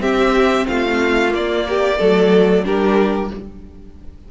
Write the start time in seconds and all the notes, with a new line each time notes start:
0.00 C4 G4 E5
0.67 A3 F4 F5
1.29 A#3 D5
1.68 G4
1.98 F#3 A3 A4
2.63 G3 D4 G4 A#4